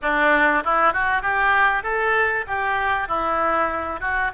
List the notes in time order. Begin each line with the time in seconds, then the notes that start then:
0.01 D4
0.64 E4
0.93 F#4
1.22 G4
1.83 A4
2.47 G4
3.08 E4
4.00 F#4